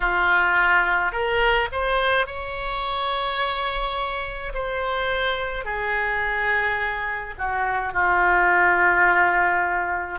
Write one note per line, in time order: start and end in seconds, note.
0.00 1.12 F4
1.12 1.68 A#4
1.72 2.26 C5
2.26 4.53 C#5
4.54 5.64 C5
5.64 7.34 G#4
7.37 7.92 F#4
7.92 10.19 F4